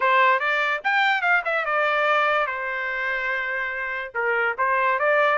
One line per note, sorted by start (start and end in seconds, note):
0.00 0.39 C5
0.39 0.81 D5
0.84 1.21 G5
1.21 1.42 F5
1.44 1.65 E5
1.65 2.46 D5
2.46 4.12 C5
4.14 4.56 A#4
4.58 4.99 C5
4.99 5.38 D5